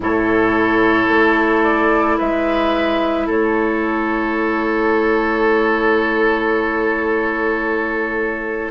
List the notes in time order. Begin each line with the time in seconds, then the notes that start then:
0.00 A2 E4 A4 C#5
1.09 A3
1.63 D5
2.17 G#3 B4 E5
3.26 A3 A4 C#5